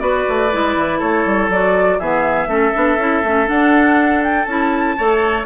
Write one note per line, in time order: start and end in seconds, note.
0.00 0.25 B3
0.00 0.50 F#4
0.00 0.99 B4
0.00 0.99 D5
0.29 0.54 A3
0.53 0.76 G#3
0.53 1.52 E4
0.76 1.01 E3
0.99 1.26 A3
0.99 1.98 A4
0.99 1.50 C#5
1.26 1.49 G3
1.49 1.99 F#3
1.49 2.01 F#4
1.49 2.00 D5
2.00 2.47 E3
2.00 2.48 B3
2.00 2.49 G#4
2.00 3.48 E5
2.47 2.72 A3
2.47 2.73 C#4
2.47 4.97 A4
2.74 2.97 B3
2.74 2.99 D4
2.97 3.22 C#4
2.97 3.24 E4
3.24 3.49 A3
3.24 3.47 C#4
3.47 4.46 D4
3.47 4.47 D4
3.47 4.23 F#5
4.24 4.45 G5
4.45 4.97 C#4
4.45 4.98 E4
4.45 5.45 A5
4.98 5.46 A3
4.98 5.46 A4
4.98 5.46 C#5